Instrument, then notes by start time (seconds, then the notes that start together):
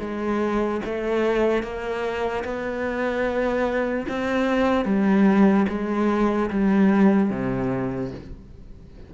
cello
0.00 G#3
0.85 A3
1.63 A#3
2.44 B3
4.08 C4
4.85 G3
5.69 G#3
6.50 G3
7.30 C3